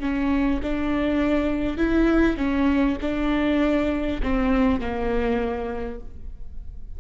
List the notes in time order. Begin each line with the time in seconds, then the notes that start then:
0.00 C#4
0.63 D4
1.77 E4
2.37 C#4
3.02 D4
4.23 C4
4.80 A#3